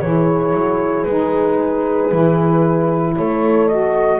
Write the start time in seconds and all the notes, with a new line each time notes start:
0.00 E3 E4 G#4 C#5
0.53 F#3
1.04 G#3 D#4 B4
2.11 E3 E4
3.16 A3 A4 C#5
3.68 F#4 D#5